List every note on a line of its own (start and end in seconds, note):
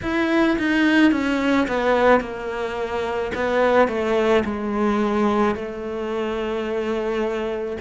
0.02 0.57 E4
0.58 1.11 D#4
1.11 1.67 C#4
1.67 2.20 B3
2.20 3.31 A#3
3.34 3.88 B3
3.88 4.43 A3
4.44 5.55 G#3
5.55 7.77 A3